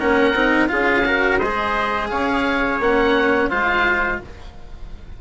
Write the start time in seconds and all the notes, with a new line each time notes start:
0.00 A#3 C#4 A#4 F#5
0.34 C4 D#4
0.69 C#4 F4 G#4 F5
1.06 F#4 A#4
1.39 G#3 G#4 C5 D#5
2.10 C#4 C#5 F5
2.80 A#3 C#4 F#5
3.50 G#3 F4 C5 F5